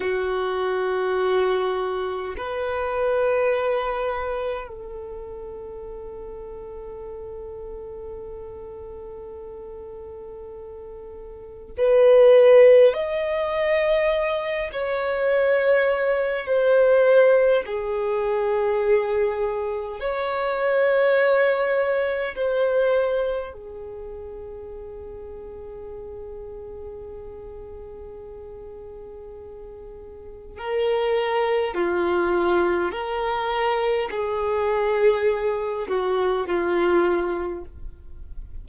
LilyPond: \new Staff \with { instrumentName = "violin" } { \time 4/4 \tempo 4 = 51 fis'2 b'2 | a'1~ | a'2 b'4 dis''4~ | dis''8 cis''4. c''4 gis'4~ |
gis'4 cis''2 c''4 | gis'1~ | gis'2 ais'4 f'4 | ais'4 gis'4. fis'8 f'4 | }